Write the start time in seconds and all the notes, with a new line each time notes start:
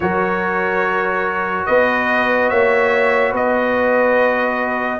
0.00 F#3 F#4 A#4 C#5
1.66 B3 B4 D#5
2.49 A#3 C#5 E5
3.31 B3 B4 D#5